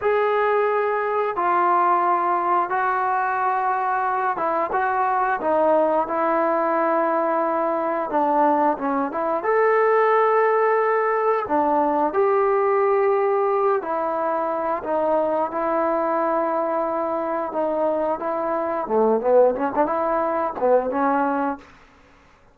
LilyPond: \new Staff \with { instrumentName = "trombone" } { \time 4/4 \tempo 4 = 89 gis'2 f'2 | fis'2~ fis'8 e'8 fis'4 | dis'4 e'2. | d'4 cis'8 e'8 a'2~ |
a'4 d'4 g'2~ | g'8 e'4. dis'4 e'4~ | e'2 dis'4 e'4 | a8 b8 cis'16 d'16 e'4 b8 cis'4 | }